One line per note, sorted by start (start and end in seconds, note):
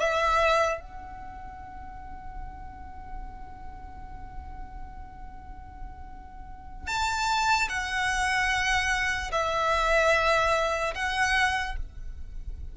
0.00 0.81 E5
0.81 6.87 F#5
6.87 7.68 A5
7.69 9.31 F#5
9.32 10.94 E5
10.95 11.76 F#5